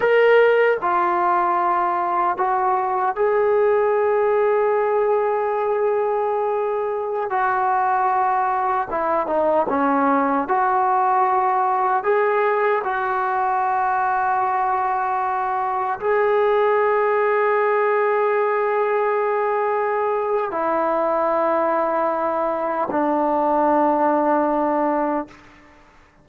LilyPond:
\new Staff \with { instrumentName = "trombone" } { \time 4/4 \tempo 4 = 76 ais'4 f'2 fis'4 | gis'1~ | gis'4~ gis'16 fis'2 e'8 dis'16~ | dis'16 cis'4 fis'2 gis'8.~ |
gis'16 fis'2.~ fis'8.~ | fis'16 gis'2.~ gis'8.~ | gis'2 e'2~ | e'4 d'2. | }